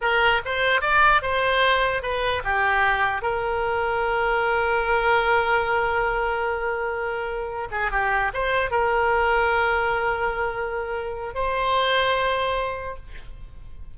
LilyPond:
\new Staff \with { instrumentName = "oboe" } { \time 4/4 \tempo 4 = 148 ais'4 c''4 d''4 c''4~ | c''4 b'4 g'2 | ais'1~ | ais'1~ |
ais'2. gis'8 g'8~ | g'8 c''4 ais'2~ ais'8~ | ais'1 | c''1 | }